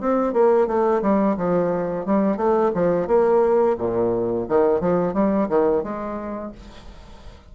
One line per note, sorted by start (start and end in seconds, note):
0.00 0.33 C4
0.33 0.67 A#3
0.67 1.01 A3
1.02 1.36 G3
1.37 2.05 F3
2.05 2.36 G3
2.36 2.71 A3
2.74 3.07 F3
3.07 3.76 A#3
3.77 4.46 A#2
4.48 4.80 D#3
4.80 5.13 F3
5.13 5.48 G3
5.49 5.83 D#3
5.83 6.52 G#3